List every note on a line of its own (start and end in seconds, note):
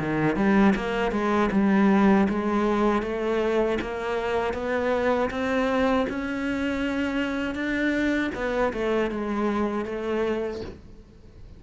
0.00 0.37 D#3
0.37 0.75 G3
0.76 1.12 A#3
1.12 1.50 G#3
1.52 2.28 G3
2.30 3.03 G#3
3.03 3.79 A3
3.82 4.54 A#3
4.54 5.30 B3
5.31 6.07 C4
6.10 7.55 C#4
7.55 8.31 D4
8.35 8.73 B3
8.74 9.11 A3
9.11 9.86 G#3
9.86 10.62 A3